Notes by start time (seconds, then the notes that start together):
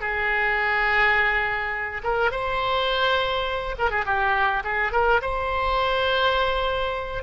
0.00 G#4
2.03 A#4
2.31 C5
3.78 A#4
3.90 G#4
4.05 G4
4.63 G#4
4.92 A#4
5.21 C5